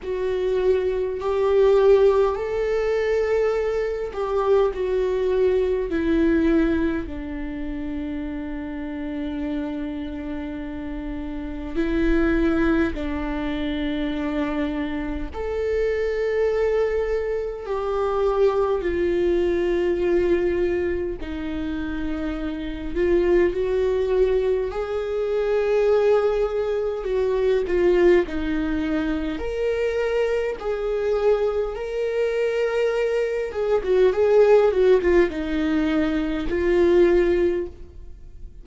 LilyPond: \new Staff \with { instrumentName = "viola" } { \time 4/4 \tempo 4 = 51 fis'4 g'4 a'4. g'8 | fis'4 e'4 d'2~ | d'2 e'4 d'4~ | d'4 a'2 g'4 |
f'2 dis'4. f'8 | fis'4 gis'2 fis'8 f'8 | dis'4 ais'4 gis'4 ais'4~ | ais'8 gis'16 fis'16 gis'8 fis'16 f'16 dis'4 f'4 | }